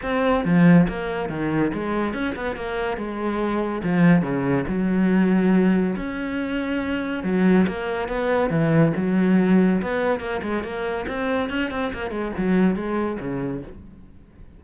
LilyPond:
\new Staff \with { instrumentName = "cello" } { \time 4/4 \tempo 4 = 141 c'4 f4 ais4 dis4 | gis4 cis'8 b8 ais4 gis4~ | gis4 f4 cis4 fis4~ | fis2 cis'2~ |
cis'4 fis4 ais4 b4 | e4 fis2 b4 | ais8 gis8 ais4 c'4 cis'8 c'8 | ais8 gis8 fis4 gis4 cis4 | }